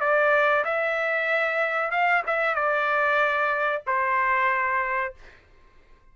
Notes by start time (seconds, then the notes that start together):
0.00 D5
0.64 E5
1.90 F5
2.26 E5
2.54 D5
3.86 C5